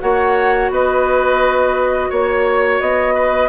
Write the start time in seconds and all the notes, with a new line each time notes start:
0.00 A#3 F#4 C#5 F#5
0.70 B3 B4 D#5
2.10 A#3 C#5
2.81 B3 D#5
3.14 B4